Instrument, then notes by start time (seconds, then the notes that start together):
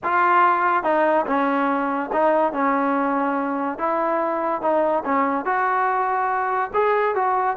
trombone
0.03 F4
0.83 D#4
1.26 C#4
2.12 D#4
2.53 C#4
3.78 E4
4.61 D#4
5.05 C#4
5.45 F#4
6.73 G#4
7.15 F#4